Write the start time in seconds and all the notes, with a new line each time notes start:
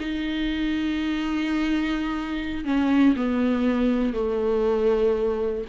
0.00 D#4
2.65 C#4
3.16 B3
4.14 A3